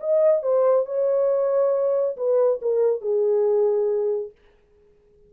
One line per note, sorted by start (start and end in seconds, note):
0.00 0.42 D#5
0.42 0.86 C5
0.86 2.16 C#5
2.17 2.60 B4
2.62 3.01 A#4
3.01 4.31 G#4